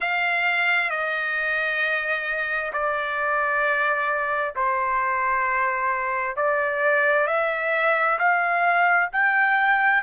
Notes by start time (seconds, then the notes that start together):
0.00 F5
0.90 D#5
2.72 D5
4.55 C5
6.36 D5
7.27 E5
8.18 F5
9.12 G5